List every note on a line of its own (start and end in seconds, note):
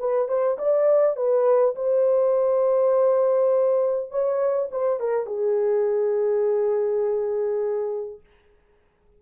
0.00 0.28 B4
0.28 0.58 C5
0.59 1.17 D5
1.17 1.76 B4
1.76 4.11 C5
4.11 4.70 C#5
4.72 5.00 C5
5.00 5.26 A#4
5.26 8.21 G#4